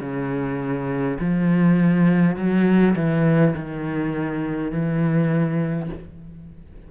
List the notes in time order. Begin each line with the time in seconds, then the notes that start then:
0.00 C#3
1.19 F3
2.36 F#3
2.96 E3
3.56 D#3
4.71 E3